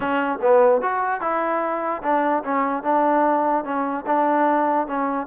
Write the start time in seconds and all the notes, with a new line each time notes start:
0.00 C#4
0.41 B3
0.81 F#4
1.20 E4
2.02 D4
2.44 C#4
2.83 D4
3.64 C#4
4.06 D4
4.87 C#4